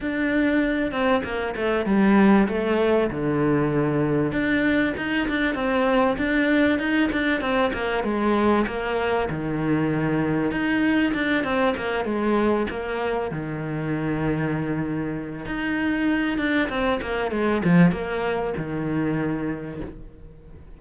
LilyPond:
\new Staff \with { instrumentName = "cello" } { \time 4/4 \tempo 4 = 97 d'4. c'8 ais8 a8 g4 | a4 d2 d'4 | dis'8 d'8 c'4 d'4 dis'8 d'8 | c'8 ais8 gis4 ais4 dis4~ |
dis4 dis'4 d'8 c'8 ais8 gis8~ | gis8 ais4 dis2~ dis8~ | dis4 dis'4. d'8 c'8 ais8 | gis8 f8 ais4 dis2 | }